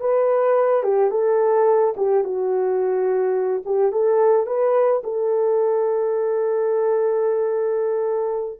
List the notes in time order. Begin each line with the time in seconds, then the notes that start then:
0.00 B4
0.83 G4
1.11 A4
1.96 G4
2.24 F#4
3.65 G4
3.92 A4
4.46 B4
5.03 A4